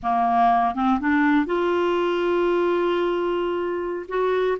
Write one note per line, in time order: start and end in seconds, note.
0.02 0.74 A#3
0.74 0.99 C4
1.00 1.46 D4
1.46 4.06 F4
4.08 4.58 F#4